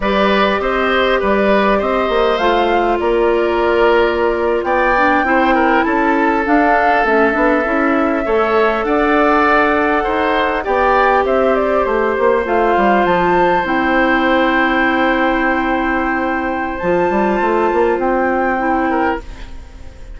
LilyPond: <<
  \new Staff \with { instrumentName = "flute" } { \time 4/4 \tempo 4 = 100 d''4 dis''4 d''4 dis''4 | f''4 d''2~ d''8. g''16~ | g''4.~ g''16 a''4 f''4 e''16~ | e''2~ e''8. fis''4~ fis''16~ |
fis''4.~ fis''16 g''4 e''8 d''8 c''16~ | c''8. f''4 a''4 g''4~ g''16~ | g''1 | a''2 g''2 | }
  \new Staff \with { instrumentName = "oboe" } { \time 4/4 b'4 c''4 b'4 c''4~ | c''4 ais'2~ ais'8. d''16~ | d''8. c''8 ais'8 a'2~ a'16~ | a'4.~ a'16 cis''4 d''4~ d''16~ |
d''8. c''4 d''4 c''4~ c''16~ | c''1~ | c''1~ | c''2.~ c''8 ais'8 | }
  \new Staff \with { instrumentName = "clarinet" } { \time 4/4 g'1 | f'1~ | f'16 d'8 e'2 d'4 cis'16~ | cis'16 d'8 e'4 a'2~ a'16~ |
a'4.~ a'16 g'2~ g'16~ | g'8. f'2 e'4~ e'16~ | e'1 | f'2. e'4 | }
  \new Staff \with { instrumentName = "bassoon" } { \time 4/4 g4 c'4 g4 c'8 ais8 | a4 ais2~ ais8. b16~ | b8. c'4 cis'4 d'4 a16~ | a16 b8 cis'4 a4 d'4~ d'16~ |
d'8. dis'4 b4 c'4 a16~ | a16 ais8 a8 g8 f4 c'4~ c'16~ | c'1 | f8 g8 a8 ais8 c'2 | }
>>